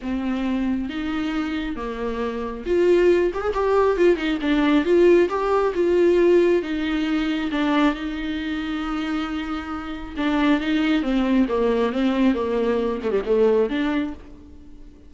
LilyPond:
\new Staff \with { instrumentName = "viola" } { \time 4/4 \tempo 4 = 136 c'2 dis'2 | ais2 f'4. g'16 gis'16 | g'4 f'8 dis'8 d'4 f'4 | g'4 f'2 dis'4~ |
dis'4 d'4 dis'2~ | dis'2. d'4 | dis'4 c'4 ais4 c'4 | ais4. a16 g16 a4 d'4 | }